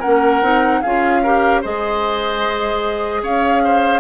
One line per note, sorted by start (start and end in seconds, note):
0.00 0.42 A#3
0.00 0.43 C#4
0.00 0.80 A#4
0.00 0.82 F#5
0.42 0.82 C4
0.42 0.83 D#4
0.82 1.65 C#4
0.82 1.25 F4
0.82 1.23 G#4
0.82 1.62 F5
1.23 1.64 G4
1.23 1.62 A#4
1.62 3.23 G#3
1.62 4.00 G#4
1.62 3.22 C5
1.62 3.24 D#5
3.23 4.00 C#4
3.23 3.63 C#5
3.23 4.00 F5
3.65 4.00 C5